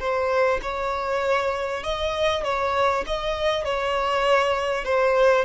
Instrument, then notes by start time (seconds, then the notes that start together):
violin
0.00 C5
0.62 C#5
1.83 D#5
2.44 C#5
3.07 D#5
3.65 C#5
4.85 C5